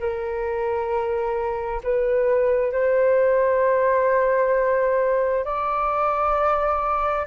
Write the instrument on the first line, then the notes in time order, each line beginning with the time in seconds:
flute
0.00 A#4
1.83 B4
2.72 C5
5.45 D5